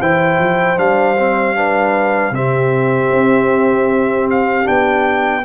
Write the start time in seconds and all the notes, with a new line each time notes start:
0.00 E3 E4 C5 G5
0.39 F3
0.78 G3 D4 F5
1.18 C4
1.56 D4 B4
2.31 C3 C4 G4 E5
3.11 C4
4.31 F5
4.64 B3 D4 G5